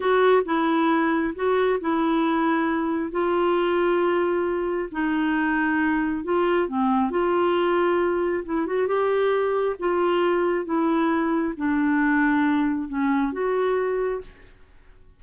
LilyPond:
\new Staff \with { instrumentName = "clarinet" } { \time 4/4 \tempo 4 = 135 fis'4 e'2 fis'4 | e'2. f'4~ | f'2. dis'4~ | dis'2 f'4 c'4 |
f'2. e'8 fis'8 | g'2 f'2 | e'2 d'2~ | d'4 cis'4 fis'2 | }